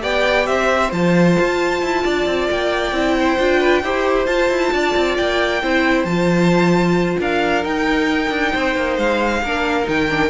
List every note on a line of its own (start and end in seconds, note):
0.00 0.48 B3
0.00 0.90 G4
0.00 0.47 D5
0.00 0.46 G5
0.46 0.92 C4
0.46 2.04 C5
0.46 0.91 E5
0.92 1.37 F3
0.92 2.93 F4
0.92 2.49 A5
1.39 1.82 F4
1.82 2.05 E4
2.04 2.26 D4
2.04 3.15 D5
2.26 2.48 C4
2.51 2.92 A#3
2.51 4.26 G5
2.92 3.37 C4
2.92 3.38 E4
3.19 3.60 C5
3.39 3.83 D4
3.39 3.83 F4
3.60 3.82 B4
3.83 4.27 E4
3.83 4.26 G4
3.83 4.73 C5
4.26 5.60 F4
4.26 4.49 F4
4.26 5.15 A5
4.50 4.72 E4
4.72 4.95 D4
4.72 5.62 D5
4.96 5.18 C4
5.17 5.62 A#3
5.17 6.05 G5
5.62 6.04 C4
5.62 6.07 E4
5.62 7.19 C5
6.04 7.16 F3
6.04 7.63 F4
6.04 7.17 A5
7.20 7.64 D4
7.20 8.52 A#4
7.20 7.64 F5
7.63 9.42 D#4
7.63 8.30 D#4
7.63 8.98 G5
8.30 8.52 D4
8.52 8.76 C4
8.52 9.42 C5
8.76 8.98 A#3
8.98 9.42 G#3
8.98 9.87 F5
9.42 9.87 A#3
9.42 9.84 D4
9.42 10.30 A#4
9.84 10.30 D#3
9.84 10.06 D#4
9.84 10.30 G5
10.10 10.30 D4